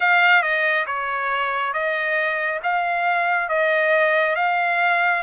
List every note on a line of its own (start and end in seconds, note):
0.00 0.42 F5
0.42 0.85 D#5
0.86 1.73 C#5
1.73 2.60 D#5
2.63 3.48 F5
3.48 4.35 D#5
4.35 5.22 F5